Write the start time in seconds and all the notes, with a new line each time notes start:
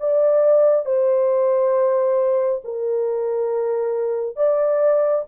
0.00 D5
0.85 C5
2.64 A#4
4.36 D5